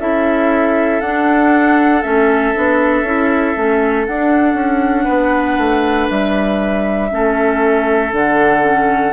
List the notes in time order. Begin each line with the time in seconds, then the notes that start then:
0.00 C#4 E4 A4 E5
1.01 D4 F#5
2.02 A3 C#4 E5
2.55 B3 D4
3.02 C#4 E4
3.56 A3 C#4
4.06 D4 F#5
4.54 C#4
5.04 B3 B4
5.58 A3
6.10 G3 E5
7.10 A3 C#4 A4
8.12 D3 D4 F#5
8.61 C#4